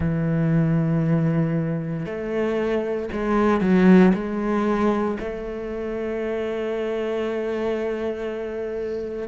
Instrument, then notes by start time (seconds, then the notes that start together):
cello
0.00 E3
2.05 A3
3.12 G#3
3.61 F#3
4.14 G#3
5.20 A3